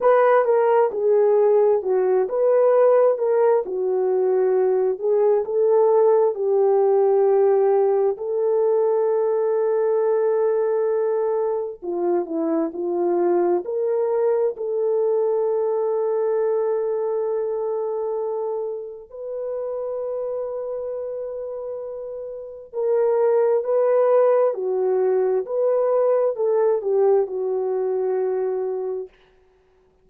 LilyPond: \new Staff \with { instrumentName = "horn" } { \time 4/4 \tempo 4 = 66 b'8 ais'8 gis'4 fis'8 b'4 ais'8 | fis'4. gis'8 a'4 g'4~ | g'4 a'2.~ | a'4 f'8 e'8 f'4 ais'4 |
a'1~ | a'4 b'2.~ | b'4 ais'4 b'4 fis'4 | b'4 a'8 g'8 fis'2 | }